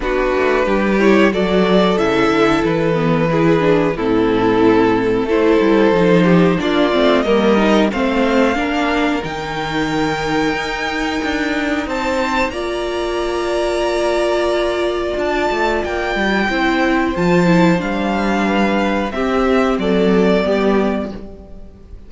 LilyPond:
<<
  \new Staff \with { instrumentName = "violin" } { \time 4/4 \tempo 4 = 91 b'4. cis''8 d''4 e''4 | b'2 a'2 | c''2 d''4 dis''4 | f''2 g''2~ |
g''2 a''4 ais''4~ | ais''2. a''4 | g''2 a''4 f''4~ | f''4 e''4 d''2 | }
  \new Staff \with { instrumentName = "violin" } { \time 4/4 fis'4 g'4 a'2~ | a'4 gis'4 e'2 | a'4. g'8 f'4 ais'4 | c''4 ais'2.~ |
ais'2 c''4 d''4~ | d''1~ | d''4 c''2. | b'4 g'4 a'4 g'4 | }
  \new Staff \with { instrumentName = "viola" } { \time 4/4 d'4. e'8 fis'4 e'4~ | e'8 b8 e'8 d'8 c'2 | e'4 dis'4 d'8 c'8 ais8 dis'8 | c'4 d'4 dis'2~ |
dis'2. f'4~ | f'1~ | f'4 e'4 f'8 e'8 d'4~ | d'4 c'2 b4 | }
  \new Staff \with { instrumentName = "cello" } { \time 4/4 b8 a8 g4 fis4 cis8 d8 | e2 a,2 | a8 g8 f4 ais8 a8 g4 | a4 ais4 dis2 |
dis'4 d'4 c'4 ais4~ | ais2. d'8 a8 | ais8 g8 c'4 f4 g4~ | g4 c'4 fis4 g4 | }
>>